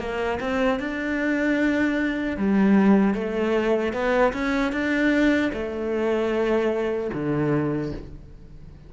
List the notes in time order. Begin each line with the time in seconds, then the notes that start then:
0.00 A#3
0.41 C4
0.80 D4
2.38 G3
3.14 A3
3.94 B3
4.33 C#4
4.73 D4
5.53 A3
7.14 D3